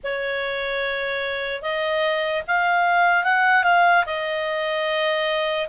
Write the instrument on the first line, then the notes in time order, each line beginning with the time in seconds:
clarinet
0.03 C#5
1.61 D#5
2.47 F5
3.24 F#5
3.63 F5
4.05 D#5